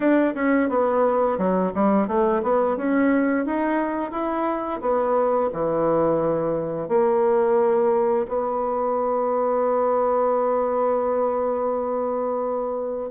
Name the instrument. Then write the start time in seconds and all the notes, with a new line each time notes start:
bassoon
0.00 D4
0.34 C#4
0.69 B3
1.38 F#3
1.74 G3
2.07 A3
2.42 B3
2.76 C#4
3.45 D#4
4.11 E4
4.81 B3
5.52 E3
6.88 A#3
8.28 B3